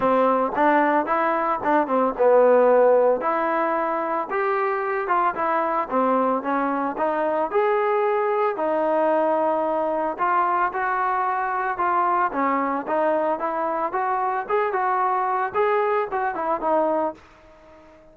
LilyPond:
\new Staff \with { instrumentName = "trombone" } { \time 4/4 \tempo 4 = 112 c'4 d'4 e'4 d'8 c'8 | b2 e'2 | g'4. f'8 e'4 c'4 | cis'4 dis'4 gis'2 |
dis'2. f'4 | fis'2 f'4 cis'4 | dis'4 e'4 fis'4 gis'8 fis'8~ | fis'4 gis'4 fis'8 e'8 dis'4 | }